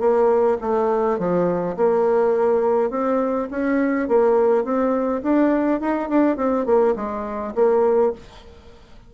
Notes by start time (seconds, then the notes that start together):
0.00 A#3
0.61 A3
1.19 F3
1.77 A#3
2.91 C4
3.51 C#4
4.09 A#3
4.64 C4
5.23 D4
5.81 D#4
6.09 D4
6.37 C4
6.66 A#3
6.96 G#3
7.56 A#3